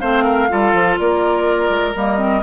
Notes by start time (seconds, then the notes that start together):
0.00 A3 C4 C5 F5
0.24 A#4
0.49 G3 F4 A4
0.73 F3
0.98 A#3 A#4 D5
1.70 G#3
1.96 G3 A#3 D#5
2.17 C4